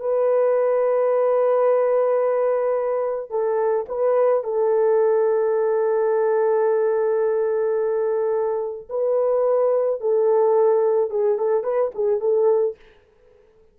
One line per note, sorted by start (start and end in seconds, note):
0.00 3.30 B4
3.30 3.86 A4
3.89 4.44 B4
4.44 8.88 A4
8.90 10.01 B4
10.01 11.11 A4
11.11 11.38 G#4
11.38 11.63 A4
11.63 11.91 B4
11.94 12.20 G#4
12.20 12.76 A4